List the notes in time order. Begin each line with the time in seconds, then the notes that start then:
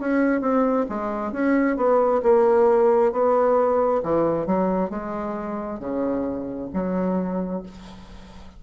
0.00 C#4
0.41 C4
0.89 G#3
1.32 C#4
1.77 B3
2.23 A#3
3.12 B3
4.03 E3
4.47 F#3
4.90 G#3
5.80 C#3
6.73 F#3